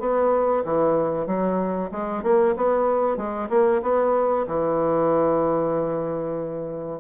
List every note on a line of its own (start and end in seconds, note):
0.00 0.64 B3
0.65 1.27 E3
1.27 1.91 F#3
1.91 2.23 G#3
2.23 2.55 A#3
2.56 3.17 B3
3.17 3.49 G#3
3.50 3.82 A#3
3.82 4.46 B3
4.47 7.00 E3